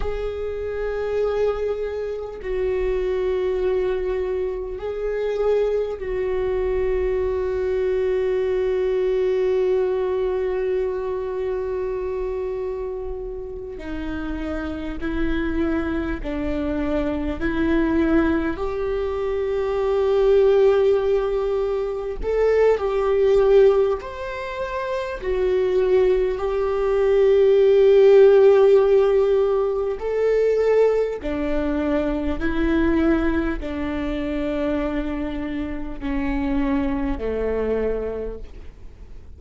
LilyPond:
\new Staff \with { instrumentName = "viola" } { \time 4/4 \tempo 4 = 50 gis'2 fis'2 | gis'4 fis'2.~ | fis'2.~ fis'8 dis'8~ | dis'8 e'4 d'4 e'4 g'8~ |
g'2~ g'8 a'8 g'4 | c''4 fis'4 g'2~ | g'4 a'4 d'4 e'4 | d'2 cis'4 a4 | }